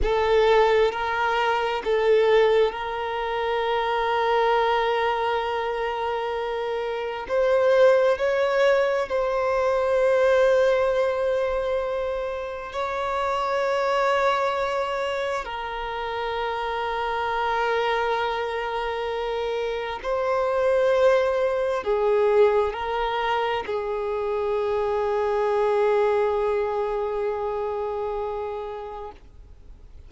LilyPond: \new Staff \with { instrumentName = "violin" } { \time 4/4 \tempo 4 = 66 a'4 ais'4 a'4 ais'4~ | ais'1 | c''4 cis''4 c''2~ | c''2 cis''2~ |
cis''4 ais'2.~ | ais'2 c''2 | gis'4 ais'4 gis'2~ | gis'1 | }